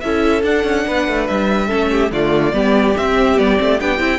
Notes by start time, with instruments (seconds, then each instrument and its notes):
0.00 cello C#4, viola E4, violin A4 E5
0.44 cello D4, viola D4, violin F#5
0.64 cello C#4
0.87 cello B3, violin B4
1.08 cello A3
1.27 cello G3, violin E5
1.67 cello A3, viola C#4, violin A4
1.91 violin G4
2.12 cello D3, viola A3, violin F4 D5
2.53 cello G3, viola B3, violin G4
2.97 cello C4, viola C4, violin E5
3.38 cello G3, viola B3, violin D5
3.57 cello A3, viola C4
3.81 cello B3, viola D4, violin G5
3.98 cello C4, viola E4